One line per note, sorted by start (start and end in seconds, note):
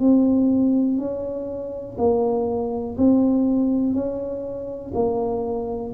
0.00 0.98 C4
0.98 1.97 C#4
1.99 2.97 A#3
2.98 3.94 C4
3.94 4.92 C#4
4.94 5.93 A#3